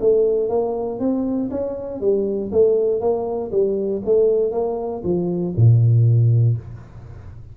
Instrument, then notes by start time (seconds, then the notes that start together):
tuba
0.00 A3
0.49 A#3
0.99 C4
1.51 C#4
2.01 G3
2.52 A3
3.00 A#3
3.51 G3
4.05 A3
4.51 A#3
5.04 F3
5.56 A#2